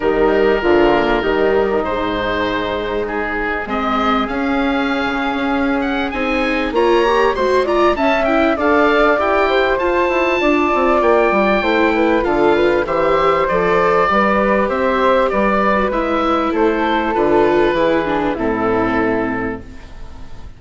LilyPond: <<
  \new Staff \with { instrumentName = "oboe" } { \time 4/4 \tempo 4 = 98 ais'2. c''4~ | c''4 gis'4 dis''4 f''4~ | f''4. fis''8 gis''4 ais''4 | c'''8 ais''8 a''8 g''8 f''4 g''4 |
a''2 g''2 | f''4 e''4 d''2 | e''4 d''4 e''4 c''4 | b'2 a'2 | }
  \new Staff \with { instrumentName = "flute" } { \time 4/4 dis'4 f'4 dis'2~ | dis'2 gis'2~ | gis'2. cis''4 | c''8 d''8 e''4 d''4. c''8~ |
c''4 d''2 c''8 b'8 | a'8 b'8 c''2 b'4 | c''4 b'2 a'4~ | a'4 gis'4 e'2 | }
  \new Staff \with { instrumentName = "viola" } { \time 4/4 g4 f8 ais8 g4 gis4~ | gis2 c'4 cis'4~ | cis'2 dis'4 f'8 g'8 | fis'8 f'8 cis'8 e'8 a'4 g'4 |
f'2. e'4 | f'4 g'4 a'4 g'4~ | g'4.~ g'16 fis'16 e'2 | f'4 e'8 d'8 c'2 | }
  \new Staff \with { instrumentName = "bassoon" } { \time 4/4 dis4 d4 dis4 gis,4~ | gis,2 gis4 cis'4~ | cis'16 cis8 cis'4~ cis'16 c'4 ais4 | gis4 cis'4 d'4 e'4 |
f'8 e'8 d'8 c'8 ais8 g8 a4 | d4 e4 f4 g4 | c'4 g4 gis4 a4 | d4 e4 a,2 | }
>>